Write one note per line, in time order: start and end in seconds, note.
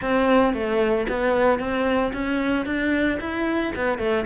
0.01 0.53 C4
0.53 1.06 A3
1.08 1.59 B3
1.59 2.12 C4
2.13 2.65 C#4
2.65 3.18 D4
3.20 3.73 E4
3.75 3.98 B3
3.98 4.25 A3